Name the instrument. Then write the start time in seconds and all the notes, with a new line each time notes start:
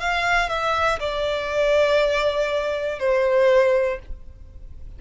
violin
0.00 F5
0.49 E5
1.00 D5
3.00 C5